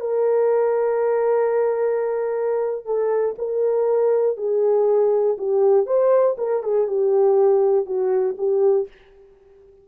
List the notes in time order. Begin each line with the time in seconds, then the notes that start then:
0.00 A#4
2.85 A4
3.38 A#4
4.37 G#4
5.38 G4
5.86 C5
6.38 A#4
6.63 G#4
6.88 G4
7.86 F#4
8.38 G4